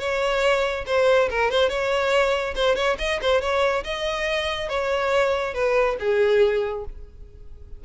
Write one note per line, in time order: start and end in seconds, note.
0.00 0.85 C#5
0.87 1.29 C5
1.30 1.51 A#4
1.51 1.70 C5
1.70 2.55 C#5
2.56 2.76 C5
2.76 2.97 C#5
2.99 3.20 D#5
3.22 3.41 C5
3.41 3.84 C#5
3.84 4.69 D#5
4.69 5.54 C#5
5.54 5.97 B4
6.00 6.85 G#4